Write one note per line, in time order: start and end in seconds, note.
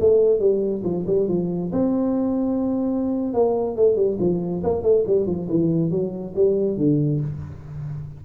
0.00 0.40 A3
0.40 0.83 G3
0.84 1.06 F3
1.07 1.29 G3
1.29 1.72 F3
1.72 3.34 C4
3.34 3.77 A#3
3.77 3.96 A3
3.96 4.18 G3
4.20 4.63 F3
4.64 4.83 A#3
4.83 5.04 A3
5.07 5.26 G3
5.26 5.48 F3
5.49 5.91 E3
5.91 6.34 F#3
6.36 6.77 G3
6.77 7.20 D3